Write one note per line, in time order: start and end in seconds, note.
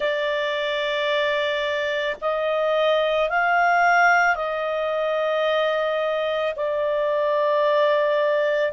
0.00 2.16 D5
2.21 3.29 D#5
3.29 4.35 F5
4.35 6.54 D#5
6.56 8.72 D5